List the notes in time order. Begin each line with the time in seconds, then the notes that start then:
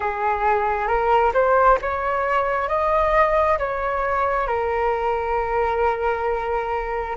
0.00 G#4
0.87 A#4
1.34 C5
1.82 C#5
2.68 D#5
3.58 C#5
4.47 A#4